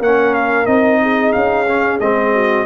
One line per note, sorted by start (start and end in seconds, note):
0.00 0.67 A#3
0.00 0.66 C#4
0.00 1.00 A#4
0.00 0.34 F#5
0.34 0.66 F5
0.66 1.34 C4
0.66 1.66 D#4
0.66 1.33 D#5
1.02 2.33 G#4
1.33 2.01 C#4
1.33 1.99 F5
1.67 2.01 C#4
2.00 2.66 G#3
2.00 2.66 C4
2.00 2.66 D#5
2.33 2.66 F#4